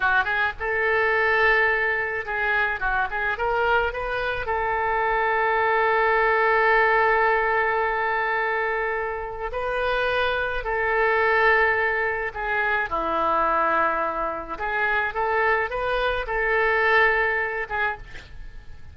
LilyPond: \new Staff \with { instrumentName = "oboe" } { \time 4/4 \tempo 4 = 107 fis'8 gis'8 a'2. | gis'4 fis'8 gis'8 ais'4 b'4 | a'1~ | a'1~ |
a'4 b'2 a'4~ | a'2 gis'4 e'4~ | e'2 gis'4 a'4 | b'4 a'2~ a'8 gis'8 | }